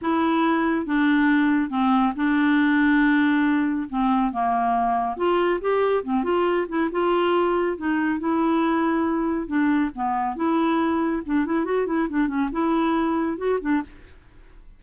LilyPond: \new Staff \with { instrumentName = "clarinet" } { \time 4/4 \tempo 4 = 139 e'2 d'2 | c'4 d'2.~ | d'4 c'4 ais2 | f'4 g'4 c'8 f'4 e'8 |
f'2 dis'4 e'4~ | e'2 d'4 b4 | e'2 d'8 e'8 fis'8 e'8 | d'8 cis'8 e'2 fis'8 d'8 | }